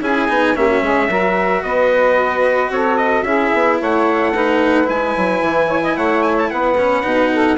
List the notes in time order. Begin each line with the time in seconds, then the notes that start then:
0.00 C#4 E4 G#4 G#5
0.28 B3 D#4
0.55 A#3 C#4 G4 E5
0.68 F#4
0.81 G#3 G#4
1.09 F#3 F#4 A#4
1.63 B3 B4 D#5
2.70 C4 A4 C#5
2.97 D#5
3.22 C#4 E4 G#4 E5
3.53 B3
3.79 A3 C#5 F#5
4.35 D#4 B4
4.84 G#3 E4 G#5
5.16 F#3
5.41 E3
5.67 C#5
5.83 D#5
5.96 A3 C#5 F#5
6.22 G#5
6.38 A5
6.50 B3 B4 F#5
6.77 C#4
7.03 B2 D#4
7.32 A4